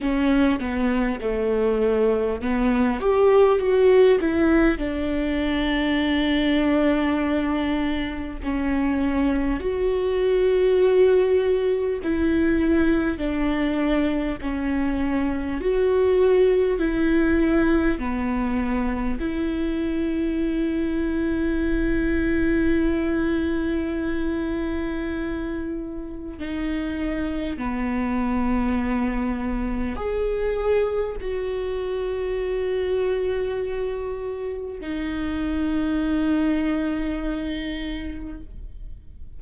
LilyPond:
\new Staff \with { instrumentName = "viola" } { \time 4/4 \tempo 4 = 50 cis'8 b8 a4 b8 g'8 fis'8 e'8 | d'2. cis'4 | fis'2 e'4 d'4 | cis'4 fis'4 e'4 b4 |
e'1~ | e'2 dis'4 b4~ | b4 gis'4 fis'2~ | fis'4 dis'2. | }